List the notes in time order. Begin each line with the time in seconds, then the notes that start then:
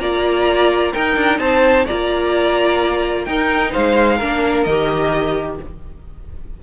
0.00 A#3 F4 D5 A#5
0.93 D#4 A#4 G5
1.16 D4
1.39 C4 C5 A5
1.86 A#3 F4 D5 A#5
3.25 D#4 A#4 G5
3.71 G#3 C5 F5
4.16 A#3 D4 A#4
4.63 D#3 D#5
4.70 G4